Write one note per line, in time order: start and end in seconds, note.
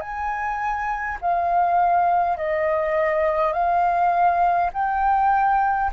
0.00 1.18 G#5
1.21 2.37 F5
2.37 3.52 D#5
3.52 4.70 F5
4.73 5.91 G5